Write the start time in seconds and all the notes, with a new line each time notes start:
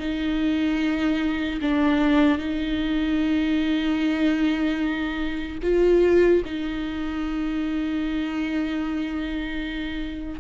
0.00 D#4
1.62 D4
2.39 D#4
5.63 F4
6.45 D#4